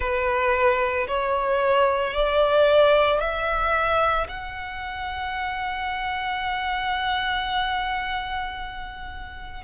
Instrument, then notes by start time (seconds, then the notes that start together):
violin
0.00 B4
1.07 C#5
2.13 D5
3.19 E5
4.28 F#5